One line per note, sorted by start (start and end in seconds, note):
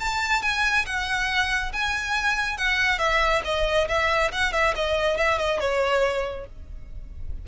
0.00 0.43 A5
0.43 0.86 G#5
0.86 1.72 F#5
1.73 2.58 G#5
2.58 2.99 F#5
2.99 3.42 E5
3.45 3.88 D#5
3.88 4.32 E5
4.32 4.53 F#5
4.53 4.75 E5
4.76 5.17 D#5
5.17 5.39 E5
5.39 5.60 D#5
5.60 6.46 C#5